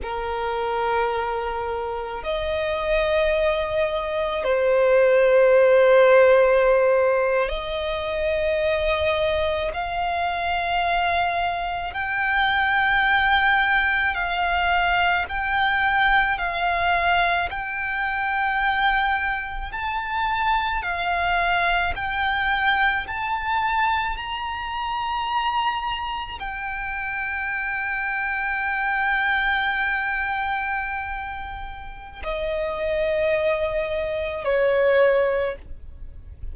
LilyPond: \new Staff \with { instrumentName = "violin" } { \time 4/4 \tempo 4 = 54 ais'2 dis''2 | c''2~ c''8. dis''4~ dis''16~ | dis''8. f''2 g''4~ g''16~ | g''8. f''4 g''4 f''4 g''16~ |
g''4.~ g''16 a''4 f''4 g''16~ | g''8. a''4 ais''2 g''16~ | g''1~ | g''4 dis''2 cis''4 | }